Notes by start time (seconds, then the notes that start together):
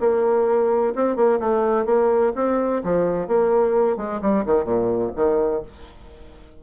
0.00 A#3
0.95 C4
1.16 A#3
1.40 A3
1.86 A#3
2.35 C4
2.83 F3
3.27 A#3
3.97 G#3
4.21 G3
4.45 D#3
4.64 A#2
5.15 D#3